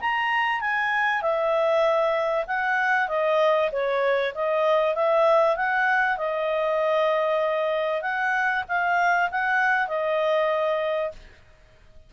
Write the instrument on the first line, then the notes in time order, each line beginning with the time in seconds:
clarinet
0.00 A#5
0.60 G#5
1.21 E5
2.47 F#5
3.08 D#5
3.71 C#5
4.34 D#5
4.95 E5
5.56 F#5
6.17 D#5
8.02 F#5
8.68 F5
9.31 F#5
9.88 D#5